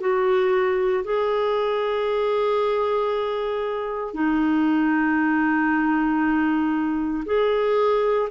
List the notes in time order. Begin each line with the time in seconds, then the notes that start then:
0.00 F#4
1.04 G#4
4.13 D#4
7.25 G#4